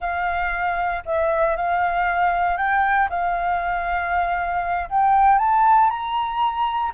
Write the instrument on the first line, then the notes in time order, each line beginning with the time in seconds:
flute
0.00 F5
1.05 E5
1.56 F5
2.57 G5
3.09 F5
4.89 G5
5.38 A5
5.90 A#5